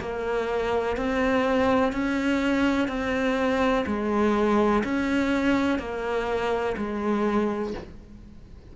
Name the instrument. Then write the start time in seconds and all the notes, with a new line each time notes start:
cello
0.00 A#3
0.96 C4
1.92 C#4
2.88 C4
3.86 G#3
4.83 C#4
5.78 A#3
6.77 G#3